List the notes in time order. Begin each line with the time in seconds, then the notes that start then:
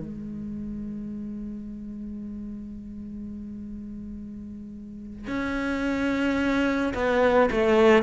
0.00 G#3
5.27 C#4
6.94 B3
7.51 A3